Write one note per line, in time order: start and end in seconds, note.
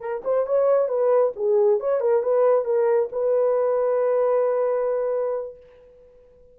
0.00 0.22 A#4
0.24 0.46 C5
0.46 0.88 C#5
0.88 1.33 B4
1.36 1.80 G#4
1.80 2.00 C#5
2.00 2.23 A#4
2.23 2.65 B4
2.65 3.09 A#4
3.12 5.57 B4